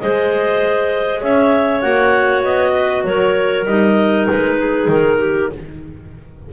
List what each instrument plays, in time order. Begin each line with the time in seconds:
0.00 double bass G#3, clarinet G#4 C5 D#5
1.21 double bass C#4, clarinet C#5 E5
1.81 double bass A#3, clarinet F#4 F#5
2.44 double bass B3, clarinet D#5
2.73 clarinet B4
3.05 double bass F#3, clarinet A#4 C#5
3.66 double bass G3, clarinet D#4 D#5
4.29 double bass G#3, clarinet B4
4.59 clarinet G#4
4.88 double bass D#3, clarinet A#4
5.19 clarinet G4